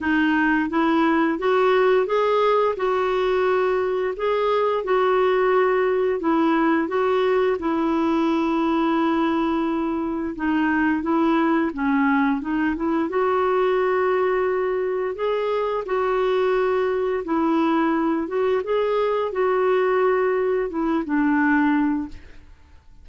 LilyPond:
\new Staff \with { instrumentName = "clarinet" } { \time 4/4 \tempo 4 = 87 dis'4 e'4 fis'4 gis'4 | fis'2 gis'4 fis'4~ | fis'4 e'4 fis'4 e'4~ | e'2. dis'4 |
e'4 cis'4 dis'8 e'8 fis'4~ | fis'2 gis'4 fis'4~ | fis'4 e'4. fis'8 gis'4 | fis'2 e'8 d'4. | }